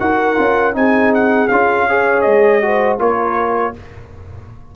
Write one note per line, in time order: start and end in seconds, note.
0.00 0.38 D#4
0.00 0.36 F#4
0.00 0.76 A#4
0.00 0.75 F#5
0.36 0.75 C#4
0.36 0.74 F4
0.74 1.50 C4
0.74 1.49 D#4
0.74 1.89 G#4
0.74 1.14 G#5
1.15 1.48 F#5
1.48 2.26 C#4
1.48 1.89 F4
1.48 2.22 F5
1.89 2.62 G#4
1.89 2.64 C#5
2.22 3.00 G#3
2.22 2.97 D#5
2.62 2.99 F#4
2.62 3.00 C5
2.99 3.75 A#3
2.99 3.74 F4
2.99 3.75 A#4
2.99 3.76 C#5